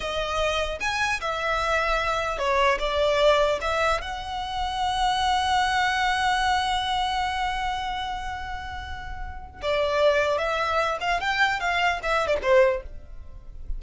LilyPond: \new Staff \with { instrumentName = "violin" } { \time 4/4 \tempo 4 = 150 dis''2 gis''4 e''4~ | e''2 cis''4 d''4~ | d''4 e''4 fis''2~ | fis''1~ |
fis''1~ | fis''1 | d''2 e''4. f''8 | g''4 f''4 e''8. d''16 c''4 | }